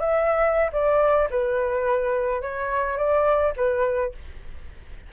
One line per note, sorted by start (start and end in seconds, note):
0.00 0.70 E5
0.72 1.28 D5
1.30 2.41 B4
2.41 2.97 C#5
2.97 3.53 D5
3.56 4.12 B4